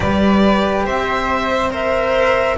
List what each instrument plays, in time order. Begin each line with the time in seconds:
0.00 double bass G3, cello G4, flute B4, violin D5
0.85 double bass C4, flute C5, violin E5
1.50 cello C5
1.71 cello A#4, violin C5, flute E5